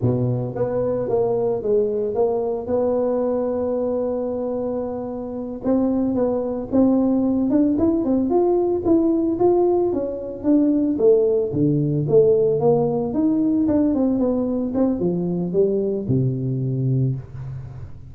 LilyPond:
\new Staff \with { instrumentName = "tuba" } { \time 4/4 \tempo 4 = 112 b,4 b4 ais4 gis4 | ais4 b2.~ | b2~ b8 c'4 b8~ | b8 c'4. d'8 e'8 c'8 f'8~ |
f'8 e'4 f'4 cis'4 d'8~ | d'8 a4 d4 a4 ais8~ | ais8 dis'4 d'8 c'8 b4 c'8 | f4 g4 c2 | }